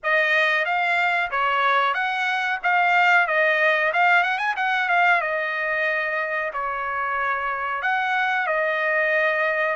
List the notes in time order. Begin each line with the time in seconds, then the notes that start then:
0.03 D#5
0.65 F5
1.30 C#5
1.94 F#5
2.63 F5
3.27 D#5
3.93 F5
4.23 F#5
4.38 G#5
4.56 F#5
4.88 F5
5.21 D#5
6.53 C#5
7.82 F#5
8.46 D#5